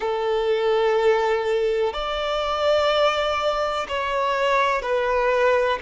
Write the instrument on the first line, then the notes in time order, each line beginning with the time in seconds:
violin
0.00 A4
1.93 D5
3.88 C#5
4.82 B4